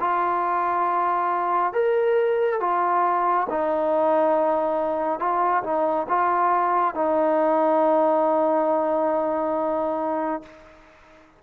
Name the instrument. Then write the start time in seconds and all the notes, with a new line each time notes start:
trombone
0.00 F4
1.73 A#4
2.60 F4
3.49 D#4
5.19 F4
5.63 D#4
6.08 F4
6.94 D#4